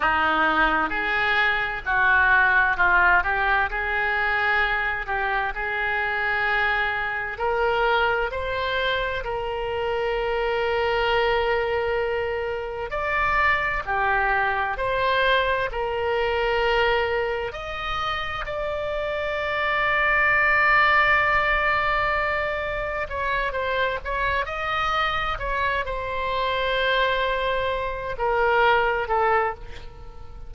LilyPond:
\new Staff \with { instrumentName = "oboe" } { \time 4/4 \tempo 4 = 65 dis'4 gis'4 fis'4 f'8 g'8 | gis'4. g'8 gis'2 | ais'4 c''4 ais'2~ | ais'2 d''4 g'4 |
c''4 ais'2 dis''4 | d''1~ | d''4 cis''8 c''8 cis''8 dis''4 cis''8 | c''2~ c''8 ais'4 a'8 | }